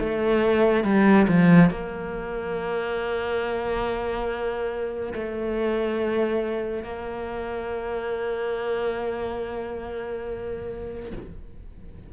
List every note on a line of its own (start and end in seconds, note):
0.00 0.84 A3
0.84 1.27 G3
1.28 1.71 F3
1.71 5.14 A#3
5.14 6.84 A3
6.84 11.12 A#3